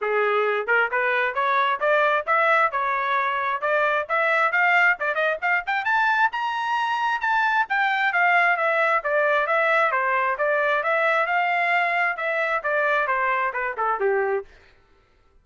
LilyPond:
\new Staff \with { instrumentName = "trumpet" } { \time 4/4 \tempo 4 = 133 gis'4. ais'8 b'4 cis''4 | d''4 e''4 cis''2 | d''4 e''4 f''4 d''8 dis''8 | f''8 g''8 a''4 ais''2 |
a''4 g''4 f''4 e''4 | d''4 e''4 c''4 d''4 | e''4 f''2 e''4 | d''4 c''4 b'8 a'8 g'4 | }